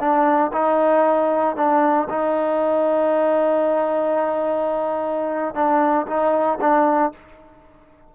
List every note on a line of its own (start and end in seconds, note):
0.00 0.52 D4
0.53 1.56 D#4
1.57 2.08 D4
2.09 5.55 D#4
5.55 6.07 D4
6.07 6.59 D#4
6.61 7.13 D4